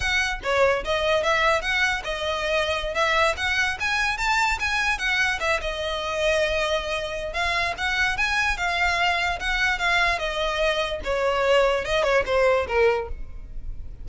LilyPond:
\new Staff \with { instrumentName = "violin" } { \time 4/4 \tempo 4 = 147 fis''4 cis''4 dis''4 e''4 | fis''4 dis''2~ dis''16 e''8.~ | e''16 fis''4 gis''4 a''4 gis''8.~ | gis''16 fis''4 e''8 dis''2~ dis''16~ |
dis''2 f''4 fis''4 | gis''4 f''2 fis''4 | f''4 dis''2 cis''4~ | cis''4 dis''8 cis''8 c''4 ais'4 | }